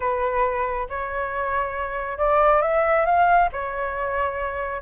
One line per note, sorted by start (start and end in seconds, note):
0.00 0.87 B4
0.89 2.18 C#5
2.18 2.61 D5
2.61 3.05 E5
3.05 3.49 F5
3.52 4.81 C#5